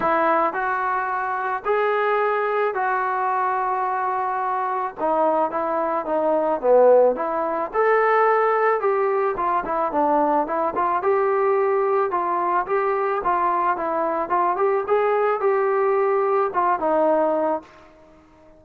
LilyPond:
\new Staff \with { instrumentName = "trombone" } { \time 4/4 \tempo 4 = 109 e'4 fis'2 gis'4~ | gis'4 fis'2.~ | fis'4 dis'4 e'4 dis'4 | b4 e'4 a'2 |
g'4 f'8 e'8 d'4 e'8 f'8 | g'2 f'4 g'4 | f'4 e'4 f'8 g'8 gis'4 | g'2 f'8 dis'4. | }